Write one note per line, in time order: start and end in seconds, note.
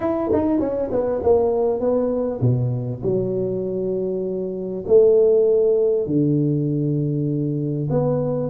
0.00 0.30 E4
0.33 0.59 D#4
0.59 0.90 C#4
0.91 1.21 B3
1.23 1.79 A#3
1.79 2.40 B3
2.40 3.01 B2
3.02 4.84 F#3
4.87 6.06 A3
6.06 7.88 D3
7.90 8.49 B3